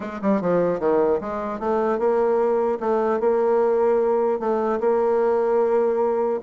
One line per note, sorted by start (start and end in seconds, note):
0.00 0.20 G#3
0.21 0.41 G3
0.41 0.79 F3
0.79 1.19 D#3
1.21 1.59 G#3
1.59 1.99 A3
1.99 2.79 A#3
2.79 3.19 A3
3.20 4.39 A#3
4.39 4.79 A3
4.80 6.40 A#3